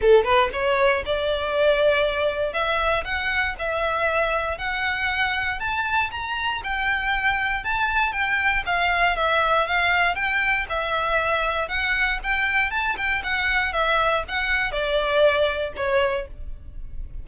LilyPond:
\new Staff \with { instrumentName = "violin" } { \time 4/4 \tempo 4 = 118 a'8 b'8 cis''4 d''2~ | d''4 e''4 fis''4 e''4~ | e''4 fis''2 a''4 | ais''4 g''2 a''4 |
g''4 f''4 e''4 f''4 | g''4 e''2 fis''4 | g''4 a''8 g''8 fis''4 e''4 | fis''4 d''2 cis''4 | }